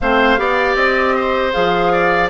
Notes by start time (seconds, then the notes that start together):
0.00 A3 C4 C5 F5
0.37 B3 G4 D5
0.75 C4 D#5
1.16 C5
1.52 F3 G#4 F5
1.92 D5